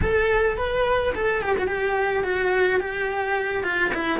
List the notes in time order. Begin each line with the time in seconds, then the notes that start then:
0.01 A4
0.57 B4
1.14 A4
1.42 G4
1.58 F#4
1.67 G4
2.23 F#4
2.79 G4
3.63 F4
3.94 E4